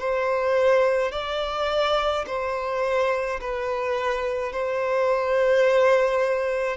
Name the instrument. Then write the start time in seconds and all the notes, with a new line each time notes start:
violin
0.00 C5
1.12 D5
2.27 C5
3.41 B4
4.53 C5